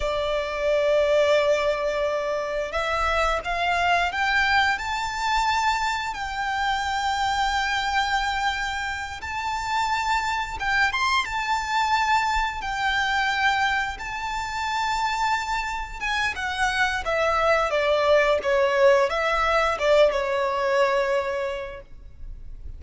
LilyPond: \new Staff \with { instrumentName = "violin" } { \time 4/4 \tempo 4 = 88 d''1 | e''4 f''4 g''4 a''4~ | a''4 g''2.~ | g''4. a''2 g''8 |
c'''8 a''2 g''4.~ | g''8 a''2. gis''8 | fis''4 e''4 d''4 cis''4 | e''4 d''8 cis''2~ cis''8 | }